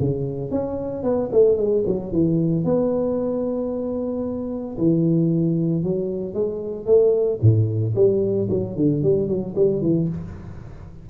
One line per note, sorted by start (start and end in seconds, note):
0.00 0.51 C#3
0.51 1.04 C#4
1.04 1.30 B3
1.32 1.58 A3
1.58 1.84 G#3
1.87 2.12 F#3
2.12 2.65 E3
2.65 4.77 B3
4.78 5.83 E3
5.83 6.35 F#3
6.35 6.86 G#3
6.86 7.39 A3
7.42 7.95 A2
7.95 8.49 G3
8.50 8.77 F#3
8.77 9.03 D3
9.03 9.28 G3
9.28 9.55 F#3
9.56 9.82 G3
9.82 10.09 E3